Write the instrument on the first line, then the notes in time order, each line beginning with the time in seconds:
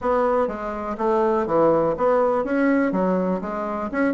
bassoon
0.01 B3
0.47 G#3
0.97 A3
1.46 E3
1.97 B3
2.44 C#4
2.92 F#3
3.41 G#3
3.91 C#4